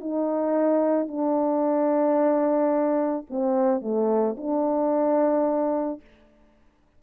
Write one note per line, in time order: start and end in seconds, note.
0.00 1.08 D#4
1.08 3.26 D4
3.30 3.81 C4
3.81 4.36 A3
4.37 6.01 D4